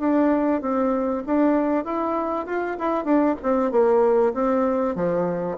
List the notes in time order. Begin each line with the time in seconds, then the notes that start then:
0.00 D4
0.62 C4
1.27 D4
1.85 E4
2.47 F4
2.79 E4
3.05 D4
3.43 C4
3.72 A#3
4.34 C4
4.96 F3